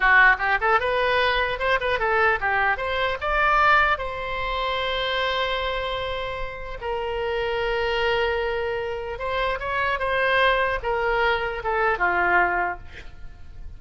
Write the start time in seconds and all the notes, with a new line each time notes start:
0.00 F#4
0.38 G4
0.60 A4
0.80 B4
1.59 C5
1.80 B4
1.99 A4
2.40 G4
2.77 C5
3.21 D5
3.98 C5
6.81 A#4
9.18 C5
9.59 C#5
9.99 C5
10.82 A#4
11.63 A4
11.98 F4